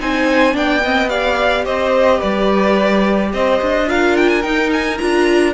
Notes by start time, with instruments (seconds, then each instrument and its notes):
0.00 cello C4, viola D#4, violin C5 G#5
0.52 cello B3, viola D4, violin D5 G5
0.83 viola C4, violin D#5
1.09 viola G4, violin D5 F5
1.66 cello C4, violin C5 D#5
2.19 cello G3, violin B4 D5
3.33 cello C4, violin C5 D#5
3.62 cello D4
3.87 viola F4, violin A#4 F5
4.17 violin G5
4.29 violin G#5
4.43 viola D#4, cello D#4, violin G5
4.73 violin G#5
4.98 cello D4, viola F4, violin A#5